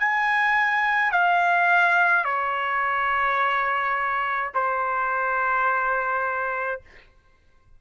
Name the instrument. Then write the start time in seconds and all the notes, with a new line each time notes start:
trumpet
0.00 G#5
1.12 F5
2.25 C#5
4.54 C5